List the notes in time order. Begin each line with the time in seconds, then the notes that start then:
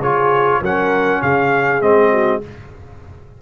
0.00 C#3 F4 G#4 C#5
0.61 F#3 C#4 A#4 F#5
1.22 C#3 G#4 F5
1.81 G#3 C4 D#5
2.12 F#4